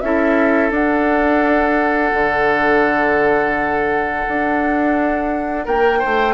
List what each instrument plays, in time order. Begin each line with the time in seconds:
0.00 bassoon C#4, clarinet E4, oboe A4, flute E5
0.71 bassoon D4, clarinet D4, flute F#5
2.14 bassoon D3
4.28 bassoon D4
5.65 bassoon A#3, oboe A#4, flute G5
5.99 oboe C5
6.05 bassoon A3